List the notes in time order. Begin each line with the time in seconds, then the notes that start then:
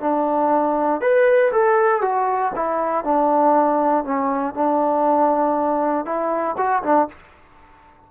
0.00 D4
1.01 B4
1.52 A4
2.01 F#4
2.55 E4
3.04 D4
4.04 C#4
4.54 D4
6.05 E4
6.57 F#4
6.83 D4